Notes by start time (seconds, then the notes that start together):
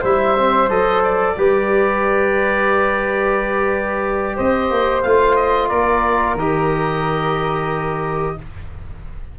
0.00 G3 E4 C5 E5
0.37 C4
0.69 F#3 A4 D#5
1.03 D5
1.37 G3 G4 B4
4.35 C4 C5 D#5
4.70 A#3
5.02 A3 F4 F5
5.36 D#5
5.68 A#3 A#4 D5
6.35 D#3 G4 D#5